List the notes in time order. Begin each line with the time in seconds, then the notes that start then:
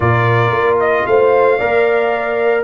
0.00 A#2 F4 A#4 D5
0.50 A#3
0.80 D#5
1.06 A3 C5 F5
1.57 A#3 A#4 D5